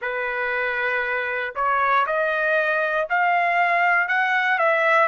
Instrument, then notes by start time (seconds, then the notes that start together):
trumpet
0.01 B4
1.55 C#5
2.06 D#5
3.09 F5
4.07 F#5
4.58 E5